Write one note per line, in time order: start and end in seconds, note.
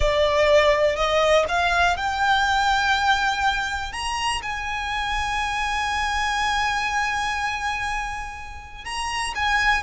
0.00 0.96 D5
0.96 1.45 D#5
1.48 1.96 F5
1.96 3.92 G5
3.92 4.41 A#5
4.42 8.85 G#5
8.85 9.34 A#5
9.35 9.82 G#5